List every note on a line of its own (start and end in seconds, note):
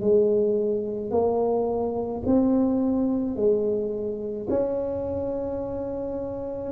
0.00 1.11 G#3
1.11 2.22 A#3
2.26 3.36 C4
3.36 4.47 G#3
4.49 6.72 C#4